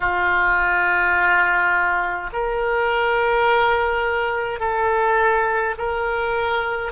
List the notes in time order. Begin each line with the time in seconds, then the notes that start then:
0.00 F4
2.32 A#4
4.59 A4
5.77 A#4